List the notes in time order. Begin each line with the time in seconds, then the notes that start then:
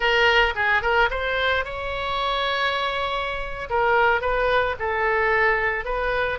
0.00 A#4
0.55 G#4
0.82 A#4
1.10 C5
1.64 C#5
3.69 A#4
4.21 B4
4.79 A4
5.85 B4